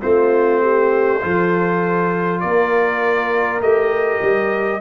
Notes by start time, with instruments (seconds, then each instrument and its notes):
0.00 tuba A3, trombone C4, horn F4, trumpet C5
0.62 horn G4
1.21 tuba F3, trombone F4, horn A4
2.40 tuba A#3, horn A#4, trumpet D5
3.60 tuba A3, trombone G4, trumpet D#5
4.22 tuba G3